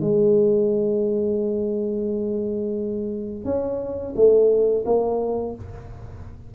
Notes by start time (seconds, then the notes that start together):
0.00 G#3
3.44 C#4
4.15 A3
4.85 A#3